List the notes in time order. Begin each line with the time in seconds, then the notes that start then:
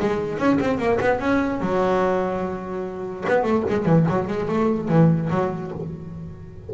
0.00 G#3
0.38 C#4
0.60 C4
0.78 A#3
1.00 B3
1.19 C#4
1.60 F#3
3.28 B3
3.43 A3
3.69 G#3
3.85 E3
4.08 F#3
4.28 G#3
4.48 A3
4.88 E3
5.30 F#3